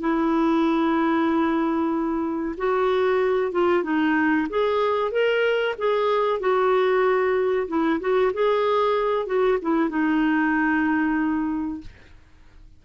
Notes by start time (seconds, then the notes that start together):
0.00 E4
2.57 F#4
3.51 F4
3.83 D#4
4.49 G#4
5.11 A#4
5.78 G#4
6.39 F#4
7.67 E4
8.00 F#4
8.33 G#4
9.26 F#4
9.62 E4
9.89 D#4